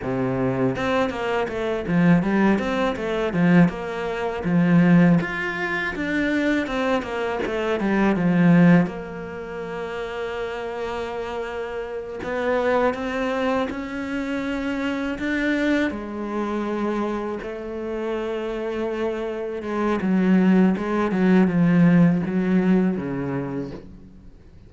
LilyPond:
\new Staff \with { instrumentName = "cello" } { \time 4/4 \tempo 4 = 81 c4 c'8 ais8 a8 f8 g8 c'8 | a8 f8 ais4 f4 f'4 | d'4 c'8 ais8 a8 g8 f4 | ais1~ |
ais8 b4 c'4 cis'4.~ | cis'8 d'4 gis2 a8~ | a2~ a8 gis8 fis4 | gis8 fis8 f4 fis4 cis4 | }